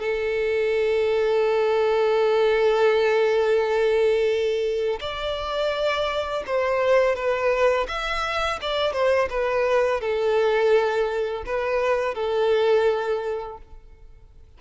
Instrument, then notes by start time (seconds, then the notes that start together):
violin
0.00 A4
5.01 D5
6.46 C5
7.16 B4
7.88 E5
8.62 D5
8.93 C5
9.30 B4
10.01 A4
11.46 B4
12.15 A4